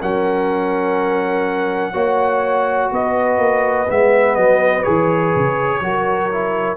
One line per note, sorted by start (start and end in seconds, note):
0.00 1.93 F#3
0.00 1.93 C#4
0.00 1.93 A#4
0.00 2.92 F#5
1.93 2.90 A#3
1.93 3.86 F#4
1.93 2.90 C#5
2.91 3.38 B3
2.91 5.82 B4
2.91 3.90 D#5
3.38 3.86 A#3
3.89 4.36 G#3
3.89 4.83 B3
3.89 4.35 E5
4.35 4.84 F#3
4.35 4.83 D#5
4.83 5.35 E3
4.83 5.80 G#4
4.83 6.76 C#5
5.35 5.80 C#3
5.80 6.76 F#3
5.80 6.30 F#4
5.80 6.76 A#4
6.32 6.76 E4